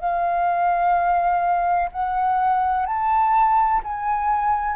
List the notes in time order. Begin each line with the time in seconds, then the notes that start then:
0.00 F5
1.92 F#5
2.87 A5
3.84 G#5